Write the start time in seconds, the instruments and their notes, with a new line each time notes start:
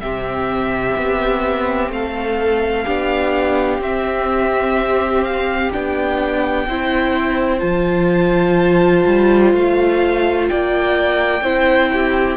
0.00 cello C3, viola C4, violin G4 E5
0.97 cello B3
1.89 cello A3, violin A4 F5
2.85 cello B3, viola D4, violin G4
3.79 cello C4, viola C4, violin E5
5.24 violin F5
5.72 cello B3, viola D4, violin G5
6.67 cello C4, viola E4, violin C5
7.59 cello F3, viola F4, violin A5
9.06 cello G3
9.53 cello A3, violin F5
10.49 cello A#3, violin D5 G5
11.42 cello C4, viola E4, violin C5
11.93 violin G4